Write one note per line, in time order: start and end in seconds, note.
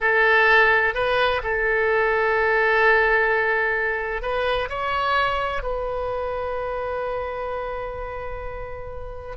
0.00 0.94 A4
0.94 1.41 B4
1.43 4.22 A4
4.22 4.69 B4
4.69 5.62 C#5
5.62 9.36 B4